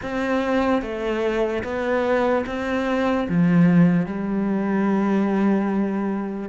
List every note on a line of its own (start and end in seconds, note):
0.02 0.81 C4
0.81 1.63 A3
1.63 2.44 B3
2.46 3.27 C4
3.28 4.05 F3
4.05 6.49 G3